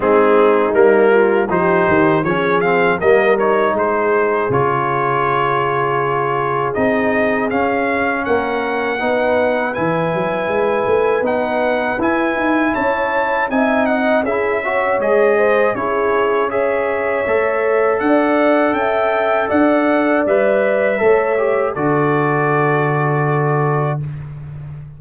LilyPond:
<<
  \new Staff \with { instrumentName = "trumpet" } { \time 4/4 \tempo 4 = 80 gis'4 ais'4 c''4 cis''8 f''8 | dis''8 cis''8 c''4 cis''2~ | cis''4 dis''4 f''4 fis''4~ | fis''4 gis''2 fis''4 |
gis''4 a''4 gis''8 fis''8 e''4 | dis''4 cis''4 e''2 | fis''4 g''4 fis''4 e''4~ | e''4 d''2. | }
  \new Staff \with { instrumentName = "horn" } { \time 4/4 dis'4. f'8 g'4 gis'4 | ais'4 gis'2.~ | gis'2. ais'4 | b'1~ |
b'4 cis''4 e''8 dis''8 gis'8 cis''8~ | cis''8 c''8 gis'4 cis''2 | d''4 e''4 d''2 | cis''4 a'2. | }
  \new Staff \with { instrumentName = "trombone" } { \time 4/4 c'4 ais4 dis'4 cis'8 c'8 | ais8 dis'4. f'2~ | f'4 dis'4 cis'2 | dis'4 e'2 dis'4 |
e'2 dis'4 e'8 fis'8 | gis'4 e'4 gis'4 a'4~ | a'2. b'4 | a'8 g'8 fis'2. | }
  \new Staff \with { instrumentName = "tuba" } { \time 4/4 gis4 g4 f8 dis8 f4 | g4 gis4 cis2~ | cis4 c'4 cis'4 ais4 | b4 e8 fis8 gis8 a8 b4 |
e'8 dis'8 cis'4 c'4 cis'4 | gis4 cis'2 a4 | d'4 cis'4 d'4 g4 | a4 d2. | }
>>